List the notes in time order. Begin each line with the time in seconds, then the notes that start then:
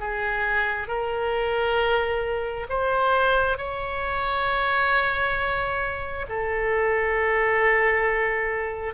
0.00 G#4
0.88 A#4
2.69 C5
3.58 C#5
6.29 A4